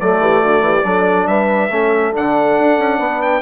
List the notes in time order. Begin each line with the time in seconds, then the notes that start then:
0.00 F#3 A3 A4 D5
0.19 E3 G4
0.42 D3 F#4
0.61 E3 G4
0.84 F#3 D4 A4
1.27 G3 B4 E5
1.70 A3 C#4 A4
2.13 D3 D4 F#5
2.59 D4
2.78 C#4
2.99 B3 B4
3.22 G5